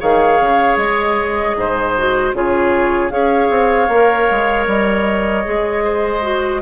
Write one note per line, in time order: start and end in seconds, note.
0.00 0.41 D#3
0.00 1.95 G#4
0.00 1.56 C#5
0.00 0.77 F5
0.41 0.77 C#3
0.77 1.55 G#3
0.77 2.33 D#5
1.57 2.34 G#2
1.57 2.37 C5
1.98 2.35 F#4
2.34 3.11 C#3
2.34 3.11 F4
2.34 3.13 G#4
2.34 3.10 C#5
3.10 3.50 C#4
3.10 3.89 G#4
3.10 5.85 C#5
3.10 4.66 F5
3.50 3.89 C4
3.89 4.28 A#3
3.89 5.45 A#4
4.31 4.67 G#3
4.67 5.45 G3
4.67 6.62 D#5
5.45 6.62 G#3
5.45 6.22 G#4
5.85 6.62 C5
6.22 6.61 F#4